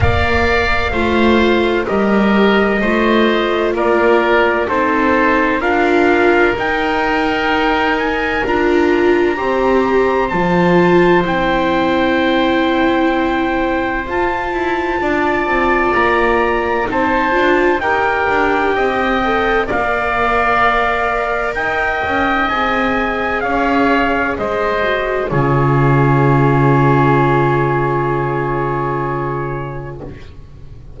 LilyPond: <<
  \new Staff \with { instrumentName = "trumpet" } { \time 4/4 \tempo 4 = 64 f''2 dis''2 | d''4 c''4 f''4 g''4~ | g''8 gis''8 ais''2 a''4 | g''2. a''4~ |
a''4 ais''4 a''4 g''4~ | g''4 f''2 g''4 | gis''4 f''4 dis''4 cis''4~ | cis''1 | }
  \new Staff \with { instrumentName = "oboe" } { \time 4/4 d''4 c''4 ais'4 c''4 | ais'4 a'4 ais'2~ | ais'2 c''2~ | c''1 |
d''2 c''4 ais'4 | dis''4 d''2 dis''4~ | dis''4 cis''4 c''4 gis'4~ | gis'1 | }
  \new Staff \with { instrumentName = "viola" } { \time 4/4 ais'4 f'4 g'4 f'4~ | f'4 dis'4 f'4 dis'4~ | dis'4 f'4 g'4 f'4 | e'2. f'4~ |
f'2 dis'8 f'8 g'4~ | g'8 a'8 ais'2. | gis'2~ gis'8 fis'8 f'4~ | f'1 | }
  \new Staff \with { instrumentName = "double bass" } { \time 4/4 ais4 a4 g4 a4 | ais4 c'4 d'4 dis'4~ | dis'4 d'4 c'4 f4 | c'2. f'8 e'8 |
d'8 c'8 ais4 c'8 d'8 dis'8 d'8 | c'4 ais2 dis'8 cis'8 | c'4 cis'4 gis4 cis4~ | cis1 | }
>>